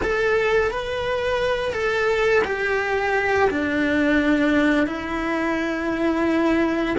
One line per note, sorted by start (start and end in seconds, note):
0.02 0.70 A4
0.70 1.72 B4
1.72 2.42 A4
2.44 3.49 G4
3.49 4.86 D4
4.86 6.96 E4